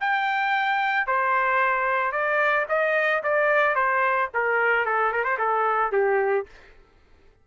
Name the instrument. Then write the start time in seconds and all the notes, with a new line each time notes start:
trumpet
0.00 G5
1.07 C5
2.12 D5
2.69 D#5
3.23 D5
3.75 C5
4.34 A#4
4.85 A4
5.12 A#4
5.24 C5
5.38 A4
5.92 G4